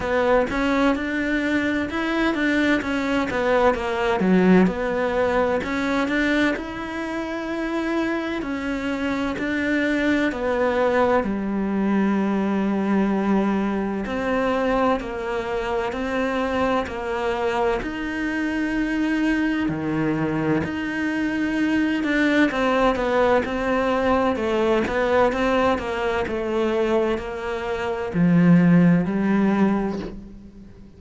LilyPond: \new Staff \with { instrumentName = "cello" } { \time 4/4 \tempo 4 = 64 b8 cis'8 d'4 e'8 d'8 cis'8 b8 | ais8 fis8 b4 cis'8 d'8 e'4~ | e'4 cis'4 d'4 b4 | g2. c'4 |
ais4 c'4 ais4 dis'4~ | dis'4 dis4 dis'4. d'8 | c'8 b8 c'4 a8 b8 c'8 ais8 | a4 ais4 f4 g4 | }